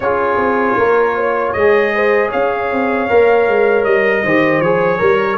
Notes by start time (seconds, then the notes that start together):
0.00 C#4 F4 G#4 C#5
0.36 C4
0.77 A#3 A#4
1.16 C#5
1.52 G#3 G#4 D#5
1.94 C5
2.28 C#4 C#5 F5
2.71 C4
3.08 A#3 A#4
3.47 G#3
3.84 G3 D#5
4.23 D#3 G4 C5
4.60 F3 G#4 C#5
4.98 G3 A#4